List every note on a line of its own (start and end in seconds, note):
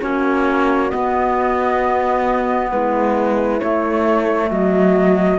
0.00 0.91 A#3
0.00 0.90 C#4
0.00 2.71 F#4
0.00 0.90 C#5
0.90 3.60 B3
0.90 2.71 B3
0.90 2.69 D#5
2.70 3.61 G#3
2.70 4.49 E4
2.70 3.59 B4
3.59 5.38 A3
3.59 4.50 A3
3.59 4.49 C#5
4.49 5.38 F#3
4.49 5.38 F#4
4.49 5.38 D#5